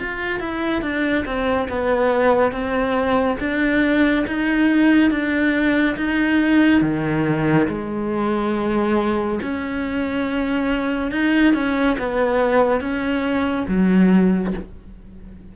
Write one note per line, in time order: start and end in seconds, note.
0.00 0.40 F4
0.40 0.83 E4
0.83 1.25 D4
1.26 1.69 C4
1.69 2.52 B3
2.52 3.38 C4
3.40 4.26 D4
4.28 5.11 D#4
5.11 5.97 D4
5.97 6.82 D#4
6.82 7.68 D#3
7.68 9.40 G#3
9.43 11.12 C#4
11.12 11.54 D#4
11.54 11.97 C#4
11.99 12.81 B3
12.81 13.67 C#4
13.68 14.54 F#3